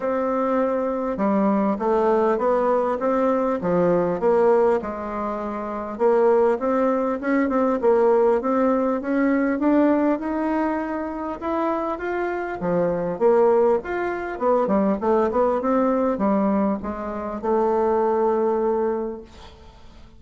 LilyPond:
\new Staff \with { instrumentName = "bassoon" } { \time 4/4 \tempo 4 = 100 c'2 g4 a4 | b4 c'4 f4 ais4 | gis2 ais4 c'4 | cis'8 c'8 ais4 c'4 cis'4 |
d'4 dis'2 e'4 | f'4 f4 ais4 f'4 | b8 g8 a8 b8 c'4 g4 | gis4 a2. | }